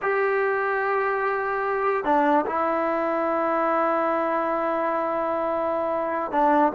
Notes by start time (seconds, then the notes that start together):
0.02 G4
2.04 D4
2.45 E4
6.31 D4